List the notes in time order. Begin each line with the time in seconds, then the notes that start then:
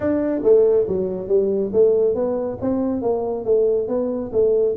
0.00 D4
0.43 A3
0.88 F#3
1.28 G3
1.72 A3
2.14 B3
2.61 C4
3.01 A#3
3.44 A3
3.88 B3
4.32 A3